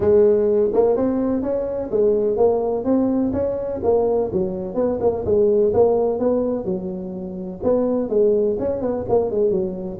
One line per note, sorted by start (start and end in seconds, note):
0.00 0.70 G#3
0.73 0.96 A#3
0.96 1.42 C4
1.42 1.90 C#4
1.90 2.36 G#3
2.36 2.84 A#3
2.84 3.32 C4
3.32 3.80 C#4
3.83 4.30 A#3
4.32 4.74 F#3
4.74 4.98 B3
5.00 5.24 A#3
5.25 5.73 G#3
5.73 6.19 A#3
6.19 6.64 B3
6.64 7.60 F#3
7.63 8.09 B3
8.09 8.56 G#3
8.59 8.81 C#4
8.81 9.05 B3
9.08 9.31 A#3
9.31 9.50 G#3
9.50 9.98 F#3